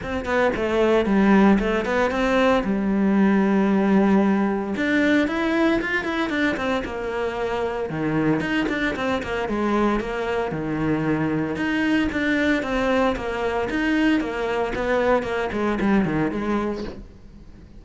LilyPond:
\new Staff \with { instrumentName = "cello" } { \time 4/4 \tempo 4 = 114 c'8 b8 a4 g4 a8 b8 | c'4 g2.~ | g4 d'4 e'4 f'8 e'8 | d'8 c'8 ais2 dis4 |
dis'8 d'8 c'8 ais8 gis4 ais4 | dis2 dis'4 d'4 | c'4 ais4 dis'4 ais4 | b4 ais8 gis8 g8 dis8 gis4 | }